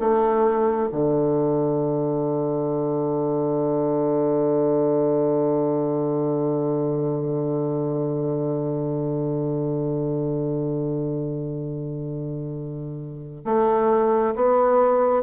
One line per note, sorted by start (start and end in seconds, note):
0.00 0.90 A3
0.92 13.45 D3
13.45 14.35 A3
14.36 15.23 B3